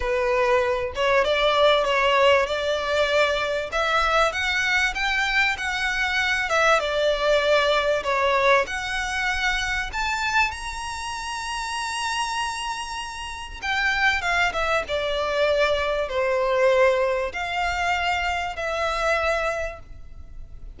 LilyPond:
\new Staff \with { instrumentName = "violin" } { \time 4/4 \tempo 4 = 97 b'4. cis''8 d''4 cis''4 | d''2 e''4 fis''4 | g''4 fis''4. e''8 d''4~ | d''4 cis''4 fis''2 |
a''4 ais''2.~ | ais''2 g''4 f''8 e''8 | d''2 c''2 | f''2 e''2 | }